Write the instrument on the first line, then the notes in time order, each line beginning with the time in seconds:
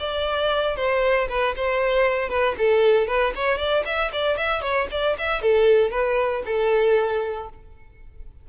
violin
0.00 D5
0.76 C5
1.29 B4
1.56 C5
2.30 B4
2.58 A4
3.08 B4
3.36 C#5
3.59 D5
3.86 E5
4.13 D5
4.38 E5
4.62 C#5
4.91 D5
5.18 E5
5.42 A4
5.91 B4
6.46 A4